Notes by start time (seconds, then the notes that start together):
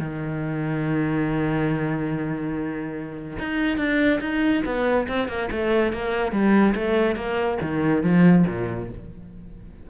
0.00 D#3
3.39 D#4
3.78 D4
4.21 D#4
4.66 B3
5.09 C4
5.29 A#3
5.52 A3
5.93 A#3
6.32 G3
6.75 A3
7.16 A#3
7.62 D#3
8.03 F3
8.47 A#2